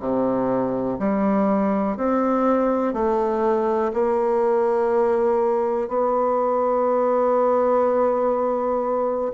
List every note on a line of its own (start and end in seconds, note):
0.00 0.98 C3
0.99 1.97 G3
1.97 2.94 C4
2.94 3.92 A3
3.93 5.88 A#3
5.88 9.33 B3